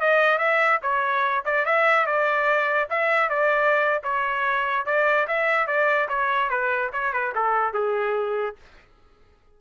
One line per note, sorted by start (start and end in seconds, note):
0.00 0.38 D#5
0.38 0.80 E5
0.82 1.44 C#5
1.45 1.65 D5
1.65 2.06 E5
2.06 2.89 D5
2.90 3.29 E5
3.29 4.02 D5
4.03 4.86 C#5
4.86 5.27 D5
5.27 5.67 E5
5.67 6.08 D5
6.09 6.50 C#5
6.50 6.91 B4
6.93 7.13 C#5
7.13 7.34 B4
7.35 7.73 A4
7.73 8.56 G#4